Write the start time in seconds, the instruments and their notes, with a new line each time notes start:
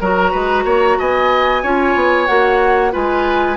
0.00 bassoon F#3, clarinet F#4, oboe A#4, flute A#5
0.31 bassoon G#3, oboe B4
0.64 bassoon A#3, oboe C#5
0.98 bassoon B3, oboe D#5, flute G#5
1.62 bassoon C#4, clarinet F4, oboe C#5
1.95 bassoon B3
2.26 bassoon A#3, clarinet F#4, flute F#5
2.91 bassoon G#3, clarinet F4, oboe B4, flute G#5